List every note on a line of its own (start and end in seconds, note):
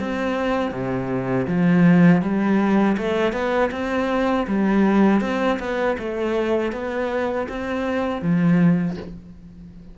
0.00 0.72 C4
0.72 1.47 C3
1.48 2.22 F3
2.22 2.97 G3
2.98 3.33 A3
3.33 3.71 B3
3.72 4.47 C4
4.48 5.21 G3
5.21 5.59 C4
5.59 5.97 B3
5.99 6.73 A3
6.73 7.48 B3
7.49 8.22 C4
8.22 8.97 F3